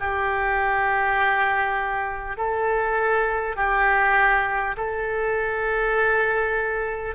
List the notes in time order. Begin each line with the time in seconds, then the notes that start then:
0.00 G4
2.37 A4
3.56 G4
4.77 A4